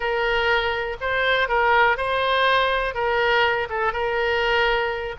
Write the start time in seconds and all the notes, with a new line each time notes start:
0.00 A#4
1.00 C5
1.48 A#4
1.97 C5
2.94 A#4
3.69 A4
3.92 A#4